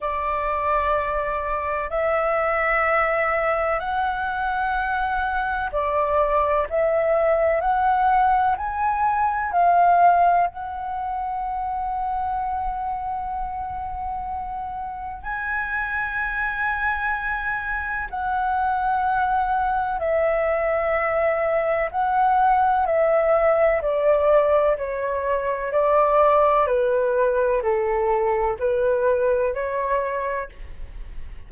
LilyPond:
\new Staff \with { instrumentName = "flute" } { \time 4/4 \tempo 4 = 63 d''2 e''2 | fis''2 d''4 e''4 | fis''4 gis''4 f''4 fis''4~ | fis''1 |
gis''2. fis''4~ | fis''4 e''2 fis''4 | e''4 d''4 cis''4 d''4 | b'4 a'4 b'4 cis''4 | }